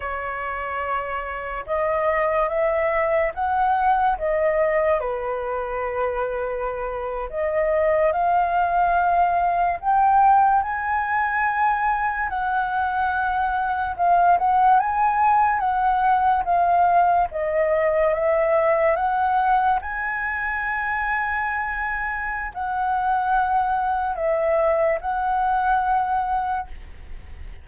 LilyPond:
\new Staff \with { instrumentName = "flute" } { \time 4/4 \tempo 4 = 72 cis''2 dis''4 e''4 | fis''4 dis''4 b'2~ | b'8. dis''4 f''2 g''16~ | g''8. gis''2 fis''4~ fis''16~ |
fis''8. f''8 fis''8 gis''4 fis''4 f''16~ | f''8. dis''4 e''4 fis''4 gis''16~ | gis''2. fis''4~ | fis''4 e''4 fis''2 | }